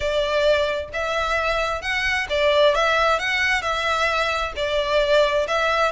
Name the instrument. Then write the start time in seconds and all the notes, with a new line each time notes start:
violin
0.00 D5
0.93 E5
1.81 F#5
2.29 D5
2.74 E5
3.19 F#5
3.61 E5
4.56 D5
5.47 E5